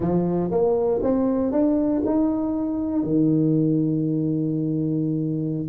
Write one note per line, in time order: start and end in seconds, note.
0.00 0.50 F3
0.50 1.01 A#3
1.02 1.51 C4
1.51 2.02 D4
2.05 3.03 D#4
3.03 5.68 D#3